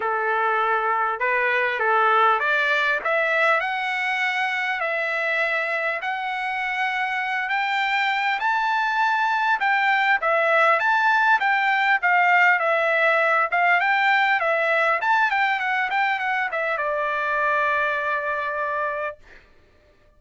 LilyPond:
\new Staff \with { instrumentName = "trumpet" } { \time 4/4 \tempo 4 = 100 a'2 b'4 a'4 | d''4 e''4 fis''2 | e''2 fis''2~ | fis''8 g''4. a''2 |
g''4 e''4 a''4 g''4 | f''4 e''4. f''8 g''4 | e''4 a''8 g''8 fis''8 g''8 fis''8 e''8 | d''1 | }